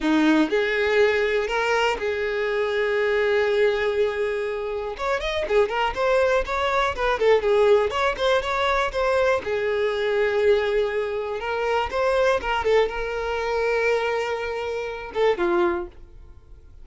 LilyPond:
\new Staff \with { instrumentName = "violin" } { \time 4/4 \tempo 4 = 121 dis'4 gis'2 ais'4 | gis'1~ | gis'2 cis''8 dis''8 gis'8 ais'8 | c''4 cis''4 b'8 a'8 gis'4 |
cis''8 c''8 cis''4 c''4 gis'4~ | gis'2. ais'4 | c''4 ais'8 a'8 ais'2~ | ais'2~ ais'8 a'8 f'4 | }